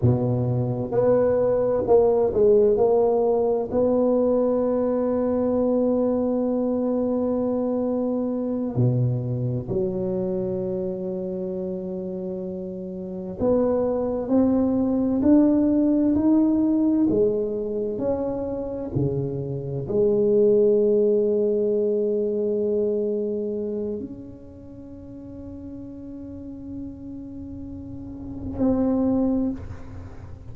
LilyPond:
\new Staff \with { instrumentName = "tuba" } { \time 4/4 \tempo 4 = 65 b,4 b4 ais8 gis8 ais4 | b1~ | b4. b,4 fis4.~ | fis2~ fis8 b4 c'8~ |
c'8 d'4 dis'4 gis4 cis'8~ | cis'8 cis4 gis2~ gis8~ | gis2 cis'2~ | cis'2. c'4 | }